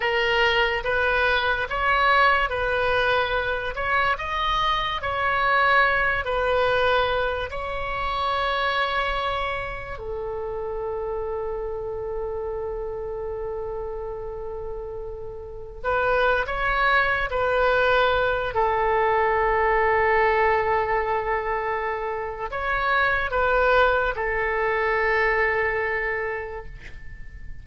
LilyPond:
\new Staff \with { instrumentName = "oboe" } { \time 4/4 \tempo 4 = 72 ais'4 b'4 cis''4 b'4~ | b'8 cis''8 dis''4 cis''4. b'8~ | b'4 cis''2. | a'1~ |
a'2. b'8. cis''16~ | cis''8. b'4. a'4.~ a'16~ | a'2. cis''4 | b'4 a'2. | }